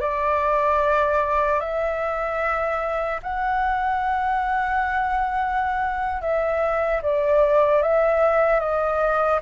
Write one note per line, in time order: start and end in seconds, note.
0.00 1.60 D5
1.60 3.20 E5
3.23 6.21 F#5
6.21 7.01 E5
7.02 7.82 D5
7.82 8.60 E5
8.60 9.40 D#5